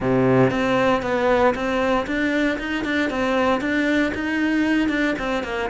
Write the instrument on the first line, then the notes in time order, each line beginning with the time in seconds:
cello
0.00 C3
0.50 C4
1.02 B3
1.54 C4
2.06 D4
2.59 D#4
2.84 D4
3.10 C4
3.60 D4
4.14 D#4
4.89 D4
5.19 C4
5.43 A#3